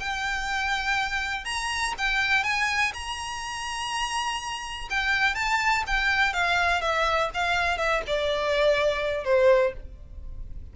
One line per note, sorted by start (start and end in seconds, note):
0.00 1.45 G5
1.45 1.94 A#5
1.98 2.44 G5
2.44 2.93 G#5
2.94 4.89 A#5
4.90 5.35 G5
5.35 5.84 A5
5.87 6.33 G5
6.33 6.82 F5
6.82 7.30 E5
7.34 7.78 F5
7.78 8.02 E5
8.07 9.25 D5
9.25 9.73 C5